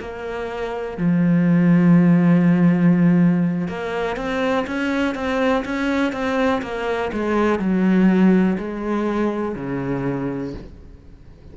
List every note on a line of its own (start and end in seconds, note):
0.00 0.98 A#3
0.98 3.68 F3
3.68 4.17 A#3
4.17 4.66 C4
4.67 5.15 C#4
5.15 5.64 C4
5.65 6.13 C#4
6.13 6.62 C4
6.62 7.11 A#3
7.13 7.59 G#3
7.59 8.58 F#3
8.58 9.55 G#3
9.55 10.54 C#3